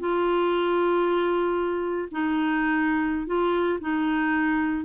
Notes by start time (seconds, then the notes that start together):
0.00 F4
2.12 D#4
3.27 F4
3.81 D#4